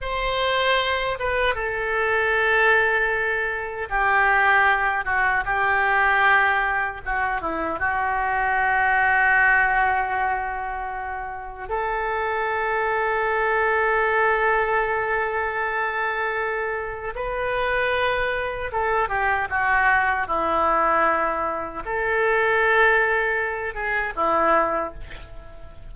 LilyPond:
\new Staff \with { instrumentName = "oboe" } { \time 4/4 \tempo 4 = 77 c''4. b'8 a'2~ | a'4 g'4. fis'8 g'4~ | g'4 fis'8 e'8 fis'2~ | fis'2. a'4~ |
a'1~ | a'2 b'2 | a'8 g'8 fis'4 e'2 | a'2~ a'8 gis'8 e'4 | }